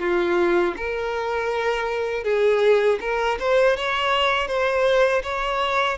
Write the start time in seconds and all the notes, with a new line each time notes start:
0.00 F4
0.77 A#4
2.24 G#4
3.01 A#4
3.40 C5
3.77 C#5
4.48 C5
5.24 C#5